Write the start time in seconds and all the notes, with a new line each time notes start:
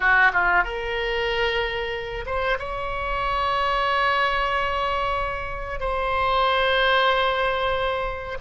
0.00 F#4
0.33 F4
0.63 A#4
2.26 C5
2.58 C#5
5.80 C5